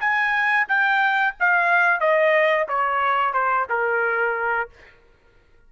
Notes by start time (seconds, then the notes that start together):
0.00 G#5
0.68 G5
1.40 F5
2.00 D#5
2.68 C#5
3.33 C5
3.69 A#4